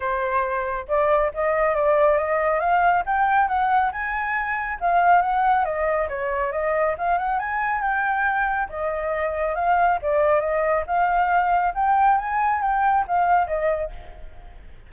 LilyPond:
\new Staff \with { instrumentName = "flute" } { \time 4/4 \tempo 4 = 138 c''2 d''4 dis''4 | d''4 dis''4 f''4 g''4 | fis''4 gis''2 f''4 | fis''4 dis''4 cis''4 dis''4 |
f''8 fis''8 gis''4 g''2 | dis''2 f''4 d''4 | dis''4 f''2 g''4 | gis''4 g''4 f''4 dis''4 | }